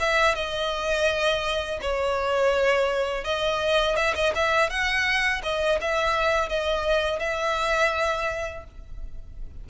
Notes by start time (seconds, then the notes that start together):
0.00 E5
0.35 D#5
1.81 C#5
3.25 D#5
3.97 E5
4.15 D#5
4.35 E5
4.70 F#5
5.43 D#5
5.81 E5
6.49 D#5
7.20 E5